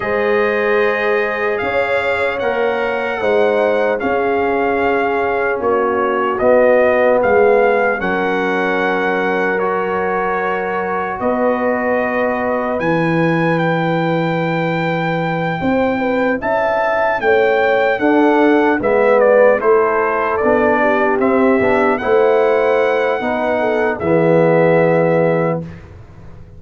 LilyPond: <<
  \new Staff \with { instrumentName = "trumpet" } { \time 4/4 \tempo 4 = 75 dis''2 f''4 fis''4~ | fis''4 f''2 cis''4 | dis''4 f''4 fis''2 | cis''2 dis''2 |
gis''4 g''2.~ | g''8 a''4 g''4 fis''4 e''8 | d''8 c''4 d''4 e''4 fis''8~ | fis''2 e''2 | }
  \new Staff \with { instrumentName = "horn" } { \time 4/4 c''2 cis''2 | c''4 gis'2 fis'4~ | fis'4 gis'4 ais'2~ | ais'2 b'2~ |
b'2.~ b'8 c''8 | b'8 e''4 cis''4 a'4 b'8~ | b'8 a'4. g'4. c''8~ | c''4 b'8 a'8 gis'2 | }
  \new Staff \with { instrumentName = "trombone" } { \time 4/4 gis'2. ais'4 | dis'4 cis'2. | b2 cis'2 | fis'1 |
e'1~ | e'2~ e'8 d'4 b8~ | b8 e'4 d'4 c'8 d'8 e'8~ | e'4 dis'4 b2 | }
  \new Staff \with { instrumentName = "tuba" } { \time 4/4 gis2 cis'4 ais4 | gis4 cis'2 ais4 | b4 gis4 fis2~ | fis2 b2 |
e2.~ e8 c'8~ | c'8 cis'4 a4 d'4 gis8~ | gis8 a4 b4 c'8 b8 a8~ | a4 b4 e2 | }
>>